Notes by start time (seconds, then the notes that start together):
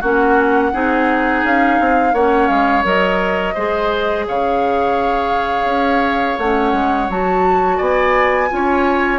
0.00 A#3 C#4 F#4 F#5
0.73 C4 D#4 G#4
1.43 C#4 F5
1.80 C4
2.13 A#3 C#4 C#5 F#5
2.48 G#3 F5
2.83 F#3 A#4 D#5
3.54 G#3 G#4 C5
4.28 C#3 C#5 F5
5.65 C#4
6.38 A3 C#4 F#5
6.73 G#3
7.09 F#3 F#4 A5
7.77 B3 D5 G#5
8.49 C#4 F4
8.55 C#5